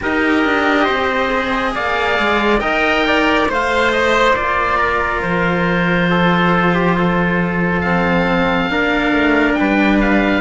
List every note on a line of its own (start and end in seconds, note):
0.00 0.44 D#4
0.00 1.28 G4
0.00 0.83 A#4
0.00 1.75 D#5
0.44 0.88 D4
0.83 1.75 C4
0.83 1.70 C5
1.28 2.58 G#4
1.74 2.18 A#3
1.74 2.61 D5
1.74 2.59 F5
2.18 2.61 G#3
2.59 3.48 D#4
2.59 3.47 A#4
2.59 3.05 D#5
2.59 3.46 G5
3.07 3.50 D5
3.48 4.33 A3
3.48 4.35 C5
3.48 4.77 C5
3.48 3.92 F5
3.92 4.35 D#5
4.33 5.20 A#3
4.33 7.83 F4
4.33 5.21 D5
4.77 6.08 A#4
5.21 8.69 F3
5.21 7.80 C5
6.09 6.74 A4
6.74 6.96 G4
6.97 8.71 A4
7.80 8.70 C4
7.80 9.54 F5
8.69 9.12 A#3
8.69 10.40 D4
8.69 9.58 A#4
9.12 9.55 A3
9.54 10.40 B4
9.54 9.97 G5
9.60 10.40 G3
10.01 10.40 F5